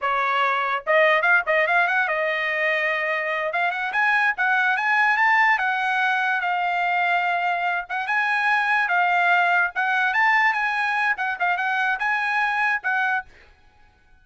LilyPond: \new Staff \with { instrumentName = "trumpet" } { \time 4/4 \tempo 4 = 145 cis''2 dis''4 f''8 dis''8 | f''8 fis''8 dis''2.~ | dis''8 f''8 fis''8 gis''4 fis''4 gis''8~ | gis''8 a''4 fis''2 f''8~ |
f''2. fis''8 gis''8~ | gis''4. f''2 fis''8~ | fis''8 a''4 gis''4. fis''8 f''8 | fis''4 gis''2 fis''4 | }